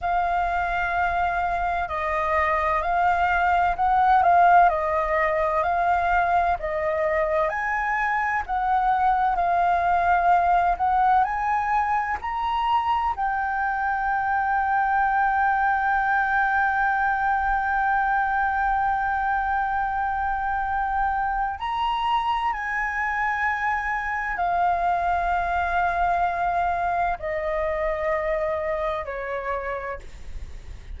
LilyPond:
\new Staff \with { instrumentName = "flute" } { \time 4/4 \tempo 4 = 64 f''2 dis''4 f''4 | fis''8 f''8 dis''4 f''4 dis''4 | gis''4 fis''4 f''4. fis''8 | gis''4 ais''4 g''2~ |
g''1~ | g''2. ais''4 | gis''2 f''2~ | f''4 dis''2 cis''4 | }